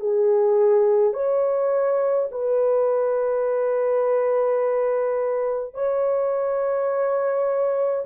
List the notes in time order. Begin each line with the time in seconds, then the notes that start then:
0.00 G#4
1.13 C#5
2.31 B4
5.74 C#5